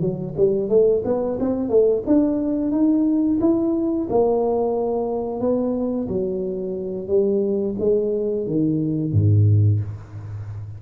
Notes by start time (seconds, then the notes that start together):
0.00 F#3
0.36 G3
0.69 A3
1.04 B3
1.39 C4
1.69 A3
2.06 D4
2.71 D#4
3.40 E4
4.09 A#3
5.40 B3
6.08 F#3
7.07 G3
7.79 G#3
8.46 D#3
9.12 G#2